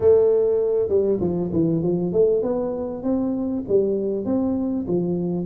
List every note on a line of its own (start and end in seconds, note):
0.00 0.88 A3
0.88 1.18 G3
1.20 1.50 F3
1.53 1.82 E3
1.82 2.12 F3
2.12 2.42 A3
2.42 3.03 B3
3.03 3.64 C4
3.68 4.25 G3
4.25 4.85 C4
4.87 5.45 F3